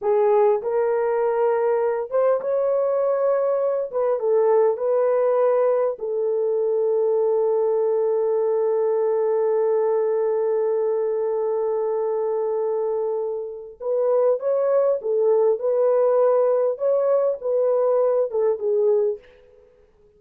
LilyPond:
\new Staff \with { instrumentName = "horn" } { \time 4/4 \tempo 4 = 100 gis'4 ais'2~ ais'8 c''8 | cis''2~ cis''8 b'8 a'4 | b'2 a'2~ | a'1~ |
a'1~ | a'2. b'4 | cis''4 a'4 b'2 | cis''4 b'4. a'8 gis'4 | }